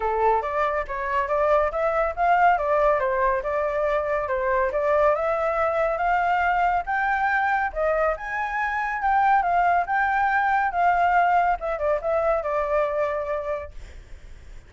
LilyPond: \new Staff \with { instrumentName = "flute" } { \time 4/4 \tempo 4 = 140 a'4 d''4 cis''4 d''4 | e''4 f''4 d''4 c''4 | d''2 c''4 d''4 | e''2 f''2 |
g''2 dis''4 gis''4~ | gis''4 g''4 f''4 g''4~ | g''4 f''2 e''8 d''8 | e''4 d''2. | }